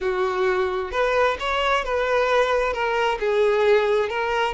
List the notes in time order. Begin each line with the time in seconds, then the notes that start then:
0.00 F#4
0.91 B4
1.39 C#5
1.84 B4
2.73 A#4
3.19 G#4
4.09 A#4